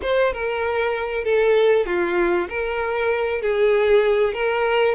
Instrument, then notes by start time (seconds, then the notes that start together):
violin
0.02 C5
0.33 A#4
1.24 A4
1.86 F4
2.49 A#4
3.41 G#4
4.33 A#4